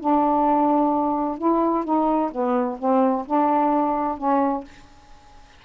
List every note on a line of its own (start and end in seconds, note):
0.00 1.38 D4
1.38 1.84 E4
1.84 2.31 D#4
2.32 2.78 B3
2.79 3.25 C4
3.26 4.17 D4
4.17 4.64 C#4